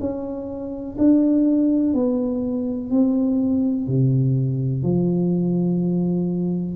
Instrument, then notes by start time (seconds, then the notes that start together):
tuba
0.00 C#4
0.98 D4
1.94 B3
2.90 C4
3.87 C3
4.83 F3